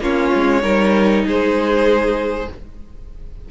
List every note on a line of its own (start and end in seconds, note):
0.00 0.31 A#3
0.00 0.62 C#4
0.00 0.62 F4
0.00 1.25 C#5
0.34 0.63 G#3
0.62 1.24 G3
0.62 2.46 D#4
0.62 1.23 A#4
1.25 2.48 G#3
1.25 2.49 G#4
1.25 2.51 C5